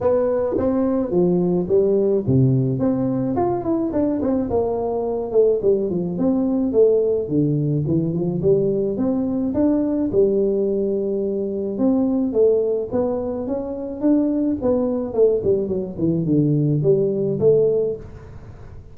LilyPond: \new Staff \with { instrumentName = "tuba" } { \time 4/4 \tempo 4 = 107 b4 c'4 f4 g4 | c4 c'4 f'8 e'8 d'8 c'8 | ais4. a8 g8 f8 c'4 | a4 d4 e8 f8 g4 |
c'4 d'4 g2~ | g4 c'4 a4 b4 | cis'4 d'4 b4 a8 g8 | fis8 e8 d4 g4 a4 | }